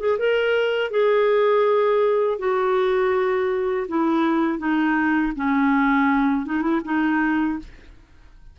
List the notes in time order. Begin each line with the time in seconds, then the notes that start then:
0.00 G#4
0.19 A#4
0.91 G#4
2.39 F#4
3.89 E4
4.59 D#4
5.36 C#4
6.46 D#4
6.62 E4
6.85 D#4